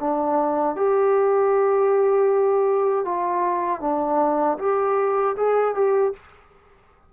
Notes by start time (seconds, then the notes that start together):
0.00 D4
0.76 G4
3.06 F4
3.81 D4
4.59 G4
5.37 G#4
5.75 G4